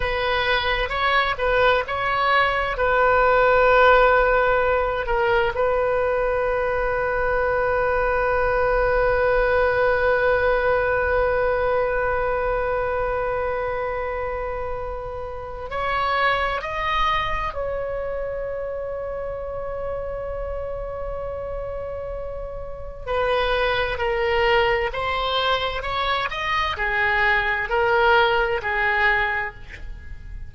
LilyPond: \new Staff \with { instrumentName = "oboe" } { \time 4/4 \tempo 4 = 65 b'4 cis''8 b'8 cis''4 b'4~ | b'4. ais'8 b'2~ | b'1~ | b'1~ |
b'4 cis''4 dis''4 cis''4~ | cis''1~ | cis''4 b'4 ais'4 c''4 | cis''8 dis''8 gis'4 ais'4 gis'4 | }